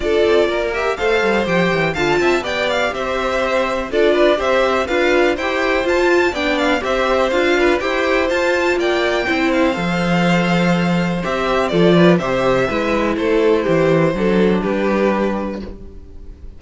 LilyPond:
<<
  \new Staff \with { instrumentName = "violin" } { \time 4/4 \tempo 4 = 123 d''4. e''8 f''4 g''4 | a''4 g''8 f''8 e''2 | d''4 e''4 f''4 g''4 | a''4 g''8 f''8 e''4 f''4 |
g''4 a''4 g''4. f''8~ | f''2. e''4 | d''4 e''2 c''4~ | c''2 b'2 | }
  \new Staff \with { instrumentName = "violin" } { \time 4/4 a'4 ais'4 c''2 | f''8 e''8 d''4 c''2 | a'8 b'8 c''4 b'4 c''4~ | c''4 d''4 c''4. b'8 |
c''2 d''4 c''4~ | c''1 | a'8 b'8 c''4 b'4 a'4 | g'4 a'4 g'2 | }
  \new Staff \with { instrumentName = "viola" } { \time 4/4 f'4. g'8 a'4 g'4 | f'4 g'2. | f'4 g'4 f'4 g'4 | f'4 d'4 g'4 f'4 |
g'4 f'2 e'4 | a'2. g'4 | f'4 g'4 e'2~ | e'4 d'2. | }
  \new Staff \with { instrumentName = "cello" } { \time 4/4 d'8 c'8 ais4 a8 g8 f8 e8 | d8 c'8 b4 c'2 | d'4 c'4 d'4 e'4 | f'4 b4 c'4 d'4 |
e'4 f'4 ais4 c'4 | f2. c'4 | f4 c4 gis4 a4 | e4 fis4 g2 | }
>>